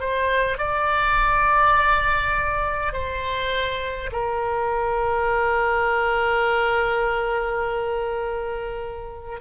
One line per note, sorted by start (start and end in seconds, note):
0.00 0.58 C5
0.58 2.93 D5
2.93 4.10 C5
4.12 9.41 A#4